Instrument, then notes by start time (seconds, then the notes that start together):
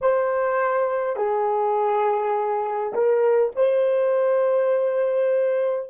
horn
0.01 C5
1.16 G#4
2.93 A#4
3.56 C5